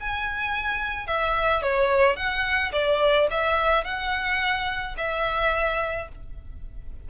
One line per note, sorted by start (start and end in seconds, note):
0.00 1.07 G#5
1.07 1.62 E5
1.62 2.16 C#5
2.16 2.72 F#5
2.72 3.28 D5
3.31 3.84 E5
3.84 4.95 F#5
4.97 6.09 E5